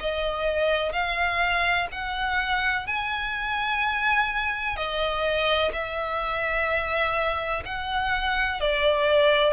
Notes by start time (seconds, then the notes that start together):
0.00 D#5
0.92 F5
1.91 F#5
2.87 G#5
4.76 D#5
5.72 E5
7.65 F#5
8.60 D5